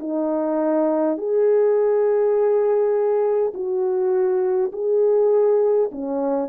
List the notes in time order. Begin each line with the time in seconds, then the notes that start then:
0.00 D#4
1.18 G#4
3.54 F#4
4.73 G#4
5.91 C#4